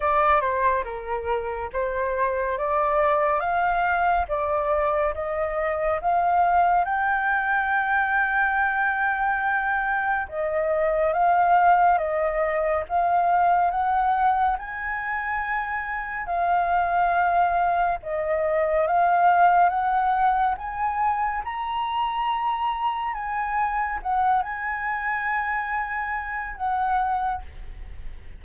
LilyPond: \new Staff \with { instrumentName = "flute" } { \time 4/4 \tempo 4 = 70 d''8 c''8 ais'4 c''4 d''4 | f''4 d''4 dis''4 f''4 | g''1 | dis''4 f''4 dis''4 f''4 |
fis''4 gis''2 f''4~ | f''4 dis''4 f''4 fis''4 | gis''4 ais''2 gis''4 | fis''8 gis''2~ gis''8 fis''4 | }